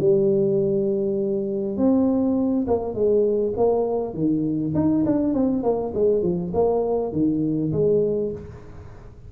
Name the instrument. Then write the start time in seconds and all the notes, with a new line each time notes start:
tuba
0.00 G3
1.77 C4
2.68 A#3
2.94 G#3
3.56 A#3
4.14 D#3
4.74 D#4
5.05 D4
5.34 C4
5.63 A#3
5.94 G#3
6.22 F3
6.54 A#3
7.12 D#3
7.72 G#3